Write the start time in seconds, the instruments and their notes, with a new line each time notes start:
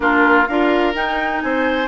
0.00 bassoon A#3, clarinet D4, oboe F4, flute A#4
0.46 bassoon D4, clarinet F4, oboe A#4, flute F5
0.93 clarinet D#4, bassoon D#4, flute G5
1.41 bassoon C4, oboe C5, flute G#5